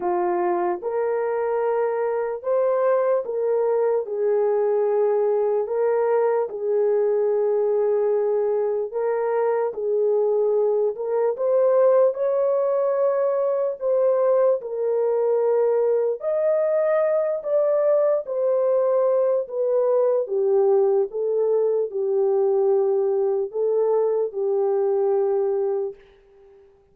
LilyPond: \new Staff \with { instrumentName = "horn" } { \time 4/4 \tempo 4 = 74 f'4 ais'2 c''4 | ais'4 gis'2 ais'4 | gis'2. ais'4 | gis'4. ais'8 c''4 cis''4~ |
cis''4 c''4 ais'2 | dis''4. d''4 c''4. | b'4 g'4 a'4 g'4~ | g'4 a'4 g'2 | }